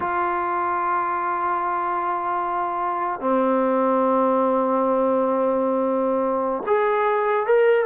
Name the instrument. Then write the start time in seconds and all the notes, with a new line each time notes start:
trombone
0.00 F4
3.20 C4
6.66 G#4
7.46 A#4